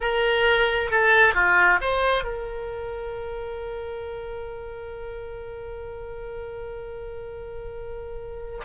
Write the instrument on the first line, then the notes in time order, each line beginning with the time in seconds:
oboe
0.00 A#4
0.90 A4
1.34 F4
1.81 C5
2.24 A#4